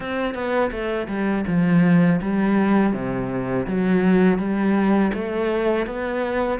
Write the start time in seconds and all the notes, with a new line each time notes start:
0.00 C4
0.34 B3
0.71 A3
1.08 G3
1.47 F3
2.21 G3
2.93 C3
3.66 F#3
4.38 G3
5.13 A3
5.86 B3